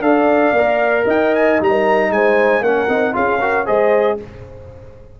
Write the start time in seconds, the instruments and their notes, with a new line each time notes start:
0.00 tuba D4, trombone A4, horn D5, trumpet F5
0.52 tuba A#3, trombone A#4
1.05 tuba D#4, horn D#5, trumpet G5
1.35 trumpet G#5
1.60 tuba G3, trombone D#4, trumpet A#5
1.70 horn A#4
2.10 tuba G#3, horn C5, trumpet G#5
2.61 tuba A#3, trombone C#4, horn A#4, trumpet F#5
2.88 tuba C4, trombone D#4
3.13 tuba C#4, trombone F4, horn G#4, trumpet F5
3.40 trombone F#4, horn A#4
3.65 tuba G#3, trombone G#4, horn C5, trumpet D#5